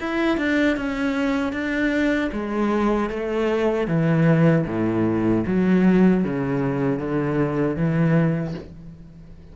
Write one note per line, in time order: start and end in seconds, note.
0.00 0.38 E4
0.38 0.77 D4
0.77 1.53 C#4
1.53 2.31 D4
2.32 3.10 G#3
3.10 3.87 A3
3.87 4.65 E3
4.66 5.44 A2
5.47 6.24 F#3
6.24 6.99 C#3
6.99 7.76 D3
7.76 8.54 E3